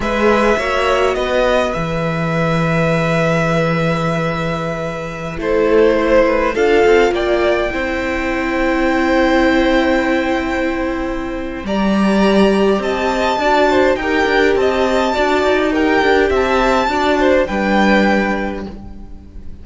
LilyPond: <<
  \new Staff \with { instrumentName = "violin" } { \time 4/4 \tempo 4 = 103 e''2 dis''4 e''4~ | e''1~ | e''4~ e''16 c''2 f''8.~ | f''16 g''2.~ g''8.~ |
g''1 | ais''2 a''2 | g''4 a''2 g''4 | a''2 g''2 | }
  \new Staff \with { instrumentName = "violin" } { \time 4/4 b'4 cis''4 b'2~ | b'1~ | b'4~ b'16 a'4 c''8 b'8 a'8.~ | a'16 d''4 c''2~ c''8.~ |
c''1 | d''2 dis''4 d''8 c''8 | ais'4 dis''4 d''4 ais'4 | e''4 d''8 c''8 b'2 | }
  \new Staff \with { instrumentName = "viola" } { \time 4/4 gis'4 fis'2 gis'4~ | gis'1~ | gis'4~ gis'16 e'2 f'8.~ | f'4~ f'16 e'2~ e'8.~ |
e'1 | g'2. fis'4 | g'2 fis'4 g'4~ | g'4 fis'4 d'2 | }
  \new Staff \with { instrumentName = "cello" } { \time 4/4 gis4 ais4 b4 e4~ | e1~ | e4~ e16 a2 d'8 c'16~ | c'16 ais4 c'2~ c'8.~ |
c'1 | g2 c'4 d'4 | dis'8 d'8 c'4 d'8 dis'4 d'8 | c'4 d'4 g2 | }
>>